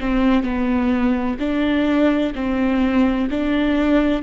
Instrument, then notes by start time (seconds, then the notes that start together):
viola
0.00 C4
0.43 B3
1.40 D4
2.35 C4
3.30 D4